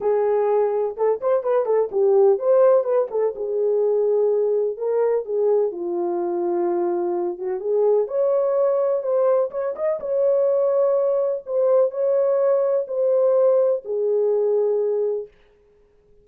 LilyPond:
\new Staff \with { instrumentName = "horn" } { \time 4/4 \tempo 4 = 126 gis'2 a'8 c''8 b'8 a'8 | g'4 c''4 b'8 a'8 gis'4~ | gis'2 ais'4 gis'4 | f'2.~ f'8 fis'8 |
gis'4 cis''2 c''4 | cis''8 dis''8 cis''2. | c''4 cis''2 c''4~ | c''4 gis'2. | }